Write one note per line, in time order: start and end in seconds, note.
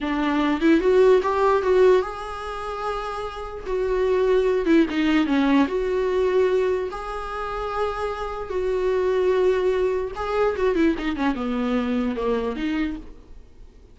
0.00 0.60 D4
0.60 0.80 E4
0.80 1.21 F#4
1.22 1.62 G4
1.62 2.02 F#4
2.02 3.64 G#4
3.66 4.65 F#4
4.65 4.86 E4
4.89 5.26 D#4
5.26 5.66 C#4
5.67 6.89 F#4
6.91 8.49 G#4
8.49 10.11 F#4
10.15 10.56 G#4
10.56 10.75 F#4
10.75 10.95 E4
10.98 11.16 D#4
11.16 11.35 C#4
11.35 12.15 B3
12.15 12.55 A#3
12.55 12.96 D#4